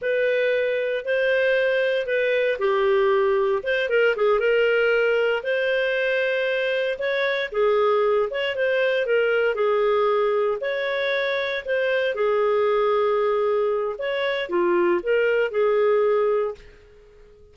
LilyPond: \new Staff \with { instrumentName = "clarinet" } { \time 4/4 \tempo 4 = 116 b'2 c''2 | b'4 g'2 c''8 ais'8 | gis'8 ais'2 c''4.~ | c''4. cis''4 gis'4. |
cis''8 c''4 ais'4 gis'4.~ | gis'8 cis''2 c''4 gis'8~ | gis'2. cis''4 | f'4 ais'4 gis'2 | }